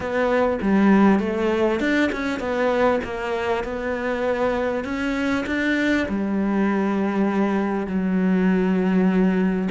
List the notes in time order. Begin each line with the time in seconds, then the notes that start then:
0.00 B3
0.61 G3
1.19 A3
1.80 D4
2.12 C#4
2.39 B3
3.04 A#3
3.64 B3
4.84 C#4
5.46 D4
6.08 G3
7.87 F#3